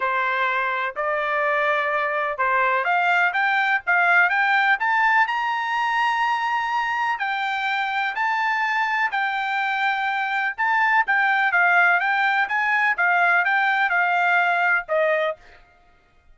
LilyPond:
\new Staff \with { instrumentName = "trumpet" } { \time 4/4 \tempo 4 = 125 c''2 d''2~ | d''4 c''4 f''4 g''4 | f''4 g''4 a''4 ais''4~ | ais''2. g''4~ |
g''4 a''2 g''4~ | g''2 a''4 g''4 | f''4 g''4 gis''4 f''4 | g''4 f''2 dis''4 | }